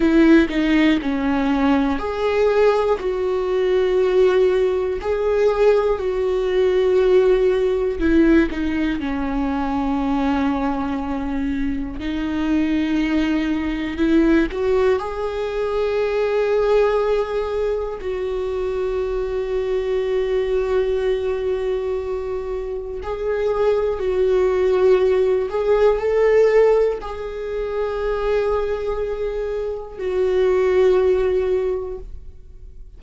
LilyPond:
\new Staff \with { instrumentName = "viola" } { \time 4/4 \tempo 4 = 60 e'8 dis'8 cis'4 gis'4 fis'4~ | fis'4 gis'4 fis'2 | e'8 dis'8 cis'2. | dis'2 e'8 fis'8 gis'4~ |
gis'2 fis'2~ | fis'2. gis'4 | fis'4. gis'8 a'4 gis'4~ | gis'2 fis'2 | }